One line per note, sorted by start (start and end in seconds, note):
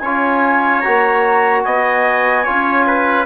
0.00 0.83 C#4
0.00 0.84 F4
0.00 1.65 C#5
0.00 0.81 G#5
0.81 1.65 A#3
0.81 2.46 F#4
0.81 1.62 A#5
1.63 2.46 B3
1.63 2.44 D#5
1.63 3.26 G#5
2.44 3.26 C#4
2.44 3.26 F4
2.44 2.85 C#5
2.87 3.26 B4